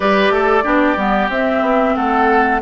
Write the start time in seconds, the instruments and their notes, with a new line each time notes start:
0.00 bassoon G3, clarinet G4, oboe B4, flute D5
0.30 bassoon A3, oboe A4
0.63 bassoon B3, clarinet D4, oboe G4
0.96 bassoon G3, clarinet B3
1.29 bassoon C4, clarinet C4, flute E5
1.61 bassoon B3
1.95 bassoon A3, oboe A4, flute F#5